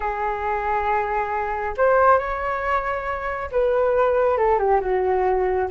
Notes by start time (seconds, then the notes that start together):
0.00 G#4
1.77 C5
2.18 C#5
3.51 B4
4.37 A4
4.58 G4
4.81 F#4